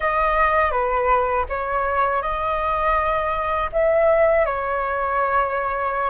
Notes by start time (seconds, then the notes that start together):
0.00 D#5
0.71 B4
1.49 C#5
2.22 D#5
3.72 E5
4.45 C#5